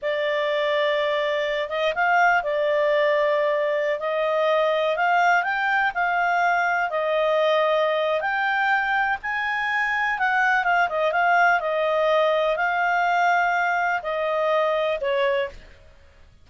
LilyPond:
\new Staff \with { instrumentName = "clarinet" } { \time 4/4 \tempo 4 = 124 d''2.~ d''8 dis''8 | f''4 d''2.~ | d''16 dis''2 f''4 g''8.~ | g''16 f''2 dis''4.~ dis''16~ |
dis''4 g''2 gis''4~ | gis''4 fis''4 f''8 dis''8 f''4 | dis''2 f''2~ | f''4 dis''2 cis''4 | }